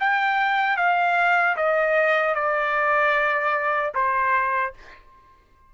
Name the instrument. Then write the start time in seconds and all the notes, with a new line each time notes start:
trumpet
0.00 G5
0.77 F5
1.56 D#5
2.35 D5
3.94 C5